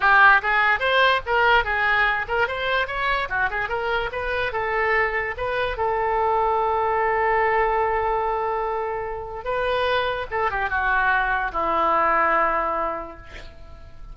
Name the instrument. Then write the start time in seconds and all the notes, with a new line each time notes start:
oboe
0.00 G4
0.42 G#4
0.79 C5
1.26 A#4
1.64 G#4
2.28 A#4
2.47 C5
2.87 C#5
3.29 F#4
3.50 G#4
3.68 A#4
4.12 B4
4.52 A4
5.37 B4
5.77 A4
9.44 B4
10.30 A4
10.51 G4
10.69 F#4
11.52 E4